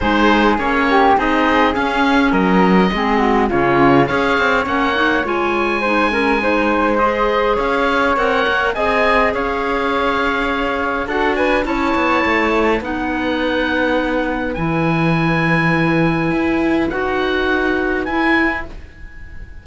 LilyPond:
<<
  \new Staff \with { instrumentName = "oboe" } { \time 4/4 \tempo 4 = 103 c''4 cis''4 dis''4 f''4 | dis''2 cis''4 f''4 | fis''4 gis''2. | dis''4 f''4 fis''4 gis''4 |
f''2. fis''8 gis''8 | a''2 fis''2~ | fis''4 gis''2.~ | gis''4 fis''2 gis''4 | }
  \new Staff \with { instrumentName = "flute" } { \time 4/4 gis'4. g'8 gis'2 | ais'4 gis'8 fis'8 f'4 cis''4~ | cis''2 c''8 ais'8 c''4~ | c''4 cis''2 dis''4 |
cis''2. a'8 b'8 | cis''2 b'2~ | b'1~ | b'1 | }
  \new Staff \with { instrumentName = "clarinet" } { \time 4/4 dis'4 cis'4 dis'4 cis'4~ | cis'4 c'4 cis'4 gis'4 | cis'8 dis'8 f'4 dis'8 cis'8 dis'4 | gis'2 ais'4 gis'4~ |
gis'2. fis'4 | e'2 dis'2~ | dis'4 e'2.~ | e'4 fis'2 e'4 | }
  \new Staff \with { instrumentName = "cello" } { \time 4/4 gis4 ais4 c'4 cis'4 | fis4 gis4 cis4 cis'8 c'8 | ais4 gis2.~ | gis4 cis'4 c'8 ais8 c'4 |
cis'2. d'4 | cis'8 b8 a4 b2~ | b4 e2. | e'4 dis'2 e'4 | }
>>